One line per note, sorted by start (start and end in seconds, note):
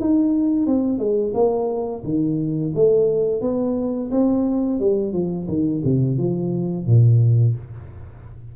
0.00 0.66 D#4
0.66 0.98 C4
0.98 1.33 G#3
1.34 2.03 A#3
2.04 2.73 D#3
2.75 3.41 A3
3.41 4.10 B3
4.11 4.80 C4
4.80 5.13 G3
5.13 5.47 F3
5.48 5.83 D#3
5.85 6.18 C3
6.18 6.87 F3
6.87 7.55 A#2